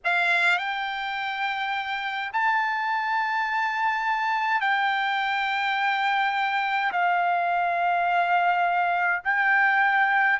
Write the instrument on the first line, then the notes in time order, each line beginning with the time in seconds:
trumpet
0.04 F5
0.58 G5
2.32 A5
4.60 G5
6.92 F5
9.24 G5